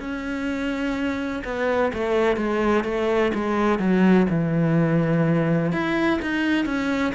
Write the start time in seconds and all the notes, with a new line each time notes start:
0.00 C#4
1.45 B3
1.94 A3
2.37 G#3
2.84 A3
3.34 G#3
3.79 F#3
4.29 E3
5.73 E4
6.22 D#4
6.66 C#4